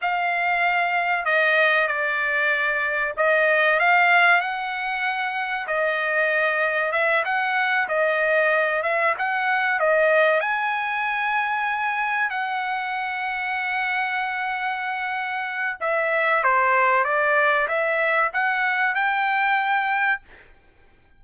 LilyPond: \new Staff \with { instrumentName = "trumpet" } { \time 4/4 \tempo 4 = 95 f''2 dis''4 d''4~ | d''4 dis''4 f''4 fis''4~ | fis''4 dis''2 e''8 fis''8~ | fis''8 dis''4. e''8 fis''4 dis''8~ |
dis''8 gis''2. fis''8~ | fis''1~ | fis''4 e''4 c''4 d''4 | e''4 fis''4 g''2 | }